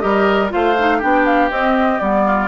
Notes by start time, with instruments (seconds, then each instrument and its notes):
0.00 bassoon G3, clarinet G4, oboe A#4, flute D#5
0.50 bassoon A3, clarinet F4, oboe C5, flute F5
0.78 clarinet D#4
0.98 bassoon B3, clarinet D4, oboe G4, flute G5
1.26 flute F5
1.50 clarinet C4, bassoon C4, flute D#5
2.00 bassoon G3, clarinet B3, flute D5
2.26 oboe F4